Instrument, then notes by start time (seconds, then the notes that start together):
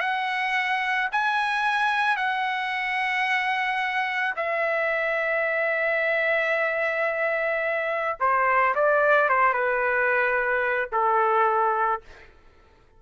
trumpet
0.00 F#5
1.12 G#5
2.16 F#5
4.36 E5
8.20 C5
8.75 D5
9.29 C5
9.53 B4
10.92 A4